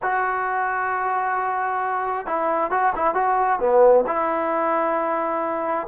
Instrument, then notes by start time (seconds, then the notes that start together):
trombone
0.02 F#4
2.26 E4
2.70 F#4
2.95 E4
3.14 F#4
3.59 B3
4.06 E4